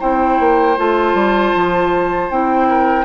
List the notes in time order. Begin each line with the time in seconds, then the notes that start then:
0.00 C4 E4 C5 G5
0.40 A#3
0.77 A3 F4 A5
1.15 G3
1.56 F3
2.31 C4 E4 G5
2.69 A#4